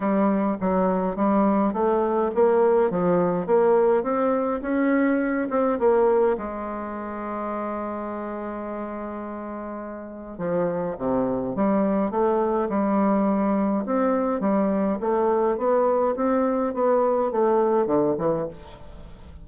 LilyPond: \new Staff \with { instrumentName = "bassoon" } { \time 4/4 \tempo 4 = 104 g4 fis4 g4 a4 | ais4 f4 ais4 c'4 | cis'4. c'8 ais4 gis4~ | gis1~ |
gis2 f4 c4 | g4 a4 g2 | c'4 g4 a4 b4 | c'4 b4 a4 d8 e8 | }